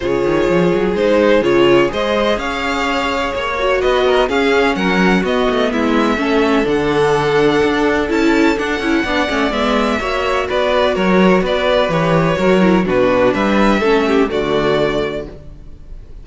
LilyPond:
<<
  \new Staff \with { instrumentName = "violin" } { \time 4/4 \tempo 4 = 126 cis''2 c''4 cis''4 | dis''4 f''2 cis''4 | dis''4 f''4 fis''4 dis''4 | e''2 fis''2~ |
fis''4 a''4 fis''2 | e''2 d''4 cis''4 | d''4 cis''2 b'4 | e''2 d''2 | }
  \new Staff \with { instrumentName = "violin" } { \time 4/4 gis'1 | c''4 cis''2. | b'8 ais'8 gis'4 ais'4 fis'4 | e'4 a'2.~ |
a'2. d''4~ | d''4 cis''4 b'4 ais'4 | b'2 ais'4 fis'4 | b'4 a'8 g'8 fis'2 | }
  \new Staff \with { instrumentName = "viola" } { \time 4/4 f'2 dis'4 f'4 | gis'2.~ gis'8 fis'8~ | fis'4 cis'2 b4~ | b4 cis'4 d'2~ |
d'4 e'4 d'8 e'8 d'8 cis'8 | b4 fis'2.~ | fis'4 g'4 fis'8 e'8 d'4~ | d'4 cis'4 a2 | }
  \new Staff \with { instrumentName = "cello" } { \time 4/4 cis8 dis8 f8 fis8 gis4 cis4 | gis4 cis'2 ais4 | b4 cis'4 fis4 b8 a8 | gis4 a4 d2 |
d'4 cis'4 d'8 cis'8 b8 a8 | gis4 ais4 b4 fis4 | b4 e4 fis4 b,4 | g4 a4 d2 | }
>>